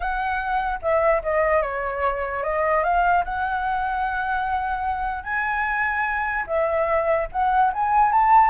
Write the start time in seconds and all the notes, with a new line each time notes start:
0.00 F#5
0.82 E5
1.23 D#5
1.62 C#5
2.43 D#5
2.83 F5
3.24 F#5
5.23 G#5
6.47 E5
7.32 F#5
7.73 G#5
8.11 A5